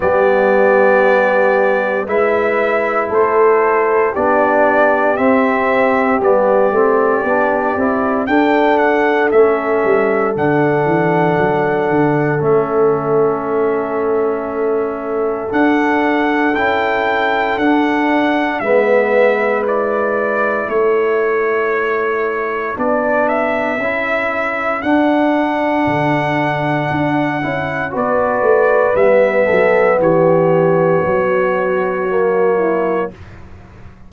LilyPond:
<<
  \new Staff \with { instrumentName = "trumpet" } { \time 4/4 \tempo 4 = 58 d''2 e''4 c''4 | d''4 e''4 d''2 | g''8 fis''8 e''4 fis''2 | e''2. fis''4 |
g''4 fis''4 e''4 d''4 | cis''2 d''8 e''4. | fis''2. d''4 | e''4 cis''2. | }
  \new Staff \with { instrumentName = "horn" } { \time 4/4 g'2 b'4 a'4 | g'1 | a'1~ | a'1~ |
a'2 b'2 | a'1~ | a'2. b'4~ | b'8 a'8 g'4 fis'4. e'8 | }
  \new Staff \with { instrumentName = "trombone" } { \time 4/4 b2 e'2 | d'4 c'4 b8 c'8 d'8 e'8 | d'4 cis'4 d'2 | cis'2. d'4 |
e'4 d'4 b4 e'4~ | e'2 d'4 e'4 | d'2~ d'8 e'8 fis'4 | b2. ais4 | }
  \new Staff \with { instrumentName = "tuba" } { \time 4/4 g2 gis4 a4 | b4 c'4 g8 a8 b8 c'8 | d'4 a8 g8 d8 e8 fis8 d8 | a2. d'4 |
cis'4 d'4 gis2 | a2 b4 cis'4 | d'4 d4 d'8 cis'8 b8 a8 | g8 fis8 e4 fis2 | }
>>